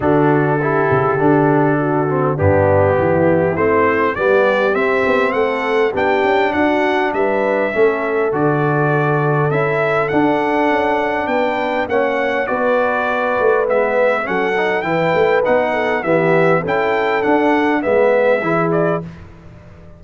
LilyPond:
<<
  \new Staff \with { instrumentName = "trumpet" } { \time 4/4 \tempo 4 = 101 a'1 | g'2 c''4 d''4 | e''4 fis''4 g''4 fis''4 | e''2 d''2 |
e''4 fis''2 g''4 | fis''4 d''2 e''4 | fis''4 g''4 fis''4 e''4 | g''4 fis''4 e''4. d''8 | }
  \new Staff \with { instrumentName = "horn" } { \time 4/4 fis'4 g'2 fis'4 | d'4 e'2 g'4~ | g'4 a'4 g'4 fis'4 | b'4 a'2.~ |
a'2. b'4 | cis''4 b'2. | a'4 b'4. a'8 g'4 | a'2 b'4 gis'4 | }
  \new Staff \with { instrumentName = "trombone" } { \time 4/4 d'4 e'4 d'4. c'8 | b2 c'4 b4 | c'2 d'2~ | d'4 cis'4 fis'2 |
e'4 d'2. | cis'4 fis'2 b4 | cis'8 dis'8 e'4 dis'4 b4 | e'4 d'4 b4 e'4 | }
  \new Staff \with { instrumentName = "tuba" } { \time 4/4 d4. cis8 d2 | g,4 e4 a4 g4 | c'8 b8 a4 b8 cis'8 d'4 | g4 a4 d2 |
cis'4 d'4 cis'4 b4 | ais4 b4. a8 gis4 | fis4 e8 a8 b4 e4 | cis'4 d'4 gis4 e4 | }
>>